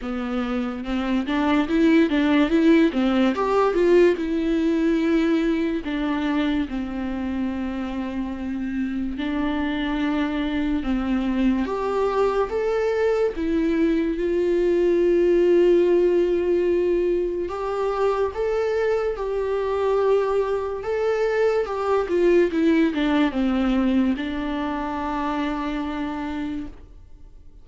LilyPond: \new Staff \with { instrumentName = "viola" } { \time 4/4 \tempo 4 = 72 b4 c'8 d'8 e'8 d'8 e'8 c'8 | g'8 f'8 e'2 d'4 | c'2. d'4~ | d'4 c'4 g'4 a'4 |
e'4 f'2.~ | f'4 g'4 a'4 g'4~ | g'4 a'4 g'8 f'8 e'8 d'8 | c'4 d'2. | }